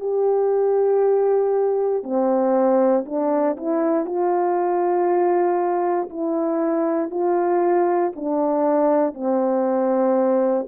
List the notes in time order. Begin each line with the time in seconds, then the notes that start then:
0.00 G4
2.03 C4
3.06 D4
3.57 E4
4.06 F4
6.10 E4
7.10 F4
8.16 D4
9.14 C4